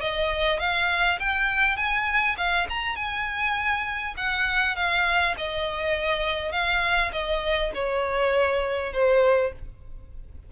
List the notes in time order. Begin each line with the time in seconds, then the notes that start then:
0.00 D#5
0.59 F5
1.19 G5
1.76 G#5
2.37 F5
2.69 A#5
2.95 G#5
4.17 F#5
4.75 F5
5.37 D#5
6.51 F5
7.12 D#5
7.74 C#5
8.92 C5